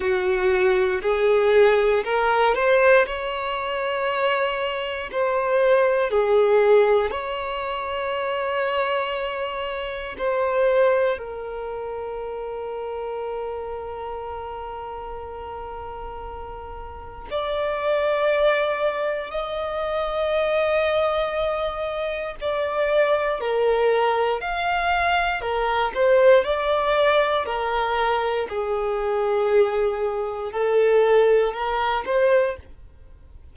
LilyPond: \new Staff \with { instrumentName = "violin" } { \time 4/4 \tempo 4 = 59 fis'4 gis'4 ais'8 c''8 cis''4~ | cis''4 c''4 gis'4 cis''4~ | cis''2 c''4 ais'4~ | ais'1~ |
ais'4 d''2 dis''4~ | dis''2 d''4 ais'4 | f''4 ais'8 c''8 d''4 ais'4 | gis'2 a'4 ais'8 c''8 | }